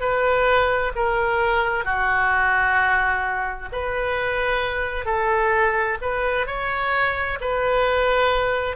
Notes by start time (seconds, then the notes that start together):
0.00 B4
0.96 A#4
1.85 F#4
3.72 B4
5.06 A4
6.01 B4
6.47 C#5
7.41 B4